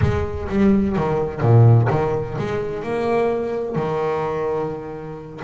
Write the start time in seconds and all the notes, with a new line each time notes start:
0.01 G#3
0.49 G3
0.96 D#3
1.41 A#2
1.90 D#3
2.38 G#3
2.83 A#3
3.75 D#3